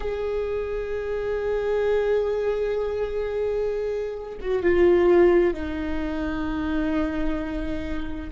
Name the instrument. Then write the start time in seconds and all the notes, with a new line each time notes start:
viola
0.00 G#4
4.41 F#4
4.62 F4
5.53 D#4